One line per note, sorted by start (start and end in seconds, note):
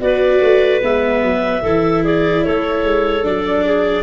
0.00 0.41 B3
0.00 0.82 F#4
0.00 1.63 B4
0.00 0.82 D5
0.42 0.82 A3
0.82 1.22 G#3
0.82 1.63 B3
0.82 2.05 E5
1.22 1.63 F#3
1.63 2.44 E3
1.63 3.23 E4
1.63 2.04 A4
2.04 2.44 G#4
2.04 2.45 D5
2.45 2.83 A3
2.45 3.65 A4
2.45 3.25 C#5
2.83 3.24 G#3
3.23 4.04 F#3
3.23 4.04 D4
3.23 4.04 D5
3.65 4.04 G#4